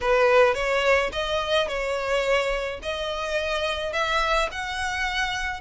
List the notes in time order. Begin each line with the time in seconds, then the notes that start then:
0.01 B4
0.54 C#5
1.12 D#5
1.67 C#5
2.82 D#5
3.93 E5
4.51 F#5